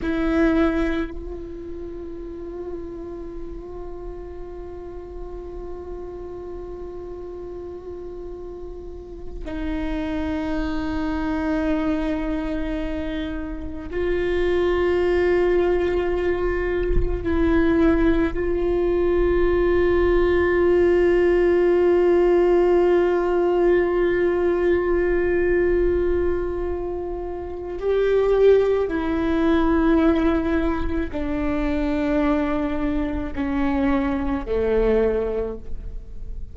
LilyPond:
\new Staff \with { instrumentName = "viola" } { \time 4/4 \tempo 4 = 54 e'4 f'2.~ | f'1~ | f'8 dis'2.~ dis'8~ | dis'8 f'2. e'8~ |
e'8 f'2.~ f'8~ | f'1~ | f'4 g'4 e'2 | d'2 cis'4 a4 | }